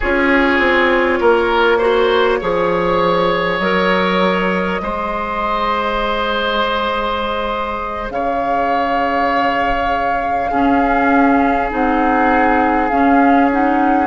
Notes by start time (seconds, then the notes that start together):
0.00 C#4 F4 G#4 C#5
0.59 C4
1.20 A#3 A#4
1.78 F#4 C5
2.41 F3 G#4 C#5
3.58 F#3 A#4 D#5
4.80 G#3 G#4 C5
8.10 C#3 C#5 F5
10.50 C#4 G#4
11.70 C4 D#4 F#5
12.89 C#4 F5
13.51 D#4 F#5